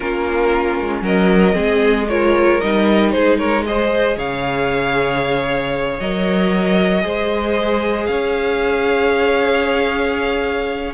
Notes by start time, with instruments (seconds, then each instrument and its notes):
0.00 cello A#3, viola C#4, violin F4 A#4
0.80 cello G#3
1.02 cello F#3, violin A#4 D#5
1.52 cello G#3, viola C4, violin G#4
2.08 viola F4, violin A#4 C#5
2.61 cello G3, viola D#4, violin D#5
3.11 cello G#3, violin G#4 C5
3.37 violin A#4 C#5
3.65 viola G#4, violin C5 D#5
4.16 cello C#3, violin C#5 F5
5.99 cello F#3, viola A#4, violin D#5
7.01 cello G#3, viola G#4, violin C5
8.06 cello C#4, violin C#5 F5